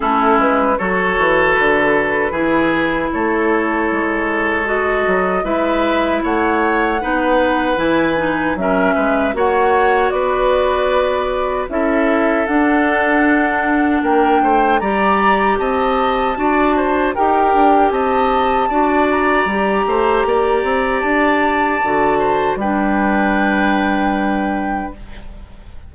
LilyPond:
<<
  \new Staff \with { instrumentName = "flute" } { \time 4/4 \tempo 4 = 77 a'8 b'8 cis''4 b'2 | cis''2 dis''4 e''4 | fis''2 gis''4 e''4 | fis''4 d''2 e''4 |
fis''2 g''4 ais''4 | a''2 g''4 a''4~ | a''8 ais''2~ ais''8 a''4~ | a''4 g''2. | }
  \new Staff \with { instrumentName = "oboe" } { \time 4/4 e'4 a'2 gis'4 | a'2. b'4 | cis''4 b'2 ais'8 b'8 | cis''4 b'2 a'4~ |
a'2 ais'8 c''8 d''4 | dis''4 d''8 c''8 ais'4 dis''4 | d''4. c''8 d''2~ | d''8 c''8 b'2. | }
  \new Staff \with { instrumentName = "clarinet" } { \time 4/4 cis'4 fis'2 e'4~ | e'2 fis'4 e'4~ | e'4 dis'4 e'8 dis'8 cis'4 | fis'2. e'4 |
d'2. g'4~ | g'4 fis'4 g'2 | fis'4 g'2. | fis'4 d'2. | }
  \new Staff \with { instrumentName = "bassoon" } { \time 4/4 a8 gis8 fis8 e8 d4 e4 | a4 gis4. fis8 gis4 | a4 b4 e4 fis8 gis8 | ais4 b2 cis'4 |
d'2 ais8 a8 g4 | c'4 d'4 dis'8 d'8 c'4 | d'4 g8 a8 ais8 c'8 d'4 | d4 g2. | }
>>